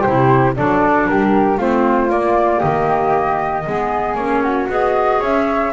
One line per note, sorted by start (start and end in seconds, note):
0.00 0.55 E4
0.00 0.52 G4
0.00 0.54 C5
0.06 0.58 C3
0.55 1.09 F#3
0.55 1.58 D4
0.55 1.08 A4
0.55 1.07 D5
1.07 1.58 G3
1.07 1.58 G4
1.07 1.59 A#4
1.58 2.09 A3
1.58 2.09 C4
1.58 2.59 F4
1.58 2.11 C5
2.09 3.64 A#3
2.09 2.61 A#3
2.09 2.60 D5
2.59 3.66 D#3
2.59 3.62 G4
2.59 4.15 D#5
3.66 4.15 G#3
3.66 4.18 B3
3.66 4.43 G#4
4.15 4.67 A#3
4.15 4.68 C#4
4.15 4.67 C#5
4.43 5.20 F#4
4.68 5.20 B3
4.68 5.72 G#4
4.68 5.23 D#5
5.20 5.73 C#4
5.20 5.71 C#5
5.20 5.73 E5